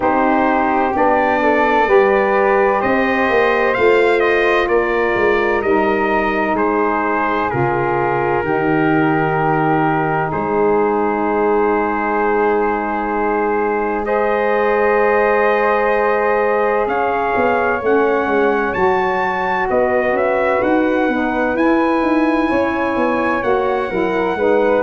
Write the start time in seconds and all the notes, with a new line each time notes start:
0.00 C4 D#4 G4 C5
0.94 B3 D4 D5
1.42 A4
1.86 G3 G4 B4
2.80 C4 C5 D#5
3.29 A#3
3.74 A3 F4 F5
4.20 D#5
4.68 A#3 A#4 D5
5.15 G#3
5.62 G3 D#4 D#5
6.54 G#3 G#4 C5
7.50 C#3 F4 A#4
8.43 D#3 D#4 G4
10.30 G#3 G#4 C5
14.03 G#4 C5 D#5
16.86 C#4 C#5 F5
17.36 B3
17.81 A3 C#4 F#5
18.26 G#3
18.73 F#3 F#4 A5
19.70 B3 B4 D#5
20.12 C#4 E5
20.62 D#4 F#5
21.08 B3 D#4
21.54 E4 G#5
22.01 D#4
22.49 C#4 C#5
22.96 B3
23.41 A#3 F#4 F#5
23.89 F#3 E4 A#4
24.35 G#3 D#4 B4